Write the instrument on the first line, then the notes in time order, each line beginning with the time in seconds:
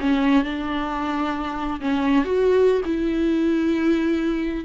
viola
0.00 C#4
0.44 D4
1.80 C#4
2.24 F#4
2.85 E4